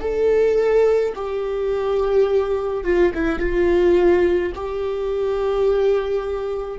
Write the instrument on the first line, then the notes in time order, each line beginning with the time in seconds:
viola
0.00 A4
1.15 G4
2.84 F4
3.13 E4
3.39 F4
4.54 G4